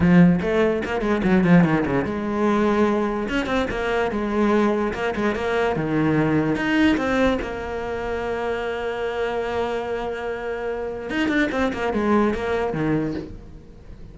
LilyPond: \new Staff \with { instrumentName = "cello" } { \time 4/4 \tempo 4 = 146 f4 a4 ais8 gis8 fis8 f8 | dis8 cis8 gis2. | cis'8 c'8 ais4 gis2 | ais8 gis8 ais4 dis2 |
dis'4 c'4 ais2~ | ais1~ | ais2. dis'8 d'8 | c'8 ais8 gis4 ais4 dis4 | }